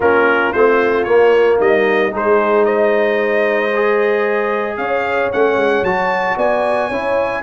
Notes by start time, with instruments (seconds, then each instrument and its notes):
0.00 tuba A#3, trombone C#4, horn F4, trumpet A#4
0.53 tuba A3, trombone C4, trumpet C5
1.03 tuba A#3, trombone A#3, trumpet C#5
1.57 tuba G3, horn D#4, trumpet D#5
2.11 tuba G#3, trombone D#4, horn G#4, trumpet C5
2.65 horn C5, trumpet D#5
3.75 trombone G#4
4.77 tuba C#4, horn C#5, trumpet F5
5.32 tuba A3, trombone C#4, trumpet F#5
5.55 tuba G#3
5.82 tuba F#3, trombone F#4, trumpet A5
6.37 tuba B3, horn D5, trumpet G#5
6.88 tuba C#4, trombone E4, horn C#5